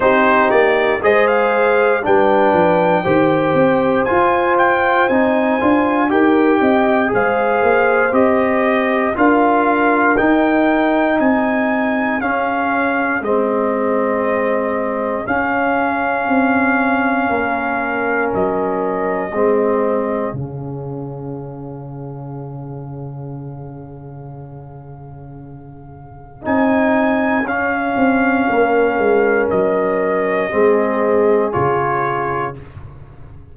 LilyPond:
<<
  \new Staff \with { instrumentName = "trumpet" } { \time 4/4 \tempo 4 = 59 c''8 d''8 dis''16 f''8. g''2 | gis''8 g''8 gis''4 g''4 f''4 | dis''4 f''4 g''4 gis''4 | f''4 dis''2 f''4~ |
f''2 dis''2 | f''1~ | f''2 gis''4 f''4~ | f''4 dis''2 cis''4 | }
  \new Staff \with { instrumentName = "horn" } { \time 4/4 g'4 c''4 b'4 c''4~ | c''2 ais'8 dis''8 c''4~ | c''4 ais'2 gis'4~ | gis'1~ |
gis'4 ais'2 gis'4~ | gis'1~ | gis'1 | ais'2 gis'2 | }
  \new Staff \with { instrumentName = "trombone" } { \time 4/4 dis'4 gis'4 d'4 g'4 | f'4 dis'8 f'8 g'4 gis'4 | g'4 f'4 dis'2 | cis'4 c'2 cis'4~ |
cis'2. c'4 | cis'1~ | cis'2 dis'4 cis'4~ | cis'2 c'4 f'4 | }
  \new Staff \with { instrumentName = "tuba" } { \time 4/4 c'8 ais8 gis4 g8 f8 dis8 c'8 | f'4 c'8 d'8 dis'8 c'8 gis8 ais8 | c'4 d'4 dis'4 c'4 | cis'4 gis2 cis'4 |
c'4 ais4 fis4 gis4 | cis1~ | cis2 c'4 cis'8 c'8 | ais8 gis8 fis4 gis4 cis4 | }
>>